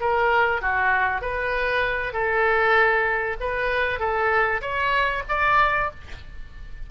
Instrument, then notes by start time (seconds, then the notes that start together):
oboe
0.00 A#4
0.61 F#4
1.21 B4
2.13 A4
3.40 B4
3.99 A4
4.61 C#5
5.28 D5